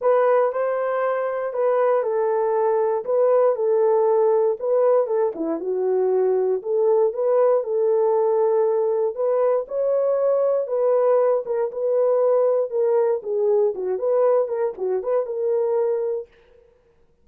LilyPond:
\new Staff \with { instrumentName = "horn" } { \time 4/4 \tempo 4 = 118 b'4 c''2 b'4 | a'2 b'4 a'4~ | a'4 b'4 a'8 e'8 fis'4~ | fis'4 a'4 b'4 a'4~ |
a'2 b'4 cis''4~ | cis''4 b'4. ais'8 b'4~ | b'4 ais'4 gis'4 fis'8 b'8~ | b'8 ais'8 fis'8 b'8 ais'2 | }